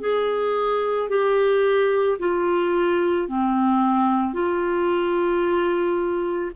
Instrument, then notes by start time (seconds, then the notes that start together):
clarinet
0.00 G#4
1.09 G4
2.19 F4
3.28 C4
4.33 F4